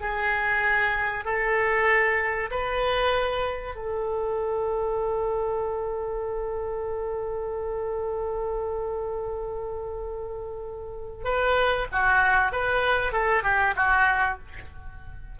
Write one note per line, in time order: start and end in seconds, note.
0.00 1.25 G#4
1.25 2.50 A4
2.51 3.75 B4
3.75 11.24 A4
11.24 11.86 B4
11.91 12.52 F#4
12.52 13.12 B4
13.12 13.43 A4
13.43 13.74 G4
13.76 14.38 F#4